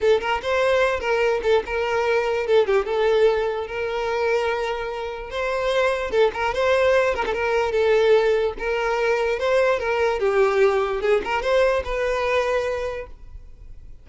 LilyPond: \new Staff \with { instrumentName = "violin" } { \time 4/4 \tempo 4 = 147 a'8 ais'8 c''4. ais'4 a'8 | ais'2 a'8 g'8 a'4~ | a'4 ais'2.~ | ais'4 c''2 a'8 ais'8 |
c''4. ais'16 a'16 ais'4 a'4~ | a'4 ais'2 c''4 | ais'4 g'2 gis'8 ais'8 | c''4 b'2. | }